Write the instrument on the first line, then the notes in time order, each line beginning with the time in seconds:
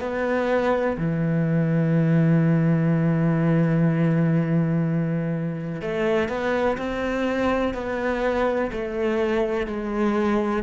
cello
0.00 B3
0.98 E3
5.82 A3
6.29 B3
6.78 C4
7.74 B3
8.72 A3
9.67 G#3